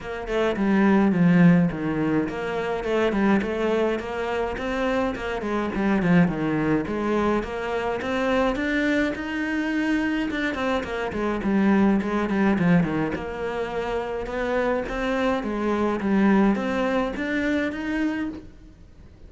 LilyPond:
\new Staff \with { instrumentName = "cello" } { \time 4/4 \tempo 4 = 105 ais8 a8 g4 f4 dis4 | ais4 a8 g8 a4 ais4 | c'4 ais8 gis8 g8 f8 dis4 | gis4 ais4 c'4 d'4 |
dis'2 d'8 c'8 ais8 gis8 | g4 gis8 g8 f8 dis8 ais4~ | ais4 b4 c'4 gis4 | g4 c'4 d'4 dis'4 | }